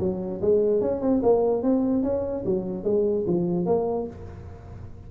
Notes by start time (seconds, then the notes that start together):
0.00 F#3
0.42 G#3
0.81 C#4
1.01 C4
1.23 A#3
1.63 C4
2.04 C#4
2.46 F#3
2.84 G#3
3.27 F3
3.66 A#3